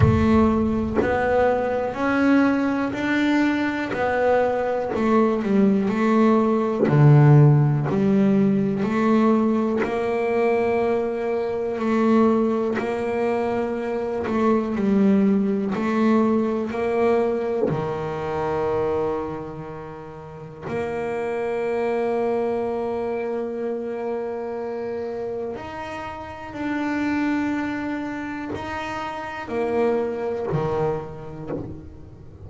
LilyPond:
\new Staff \with { instrumentName = "double bass" } { \time 4/4 \tempo 4 = 61 a4 b4 cis'4 d'4 | b4 a8 g8 a4 d4 | g4 a4 ais2 | a4 ais4. a8 g4 |
a4 ais4 dis2~ | dis4 ais2.~ | ais2 dis'4 d'4~ | d'4 dis'4 ais4 dis4 | }